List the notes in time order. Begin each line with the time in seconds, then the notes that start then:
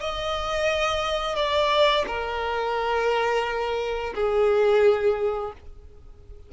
0.00 D#5
1.36 D5
2.07 A#4
4.14 G#4